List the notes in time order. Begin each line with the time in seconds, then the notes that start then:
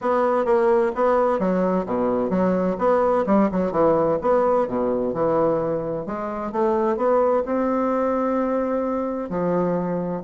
0.01 B3
0.45 A#3
0.95 B3
1.39 F#3
1.86 B2
2.29 F#3
2.78 B3
3.26 G3
3.51 F#3
3.71 E3
4.21 B3
4.67 B2
5.13 E3
6.06 G#3
6.51 A3
6.96 B3
7.45 C4
9.29 F3